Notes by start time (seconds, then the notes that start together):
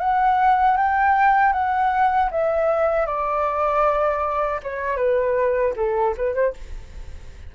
0.00 F#5
0.77 G5
1.53 F#5
2.31 E5
3.07 D5
4.63 C#5
4.97 B4
5.76 A4
6.17 B4
6.34 C5